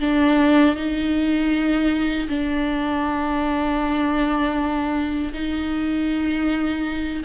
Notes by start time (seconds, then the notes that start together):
0.00 D4
0.76 D#4
2.29 D4
5.33 D#4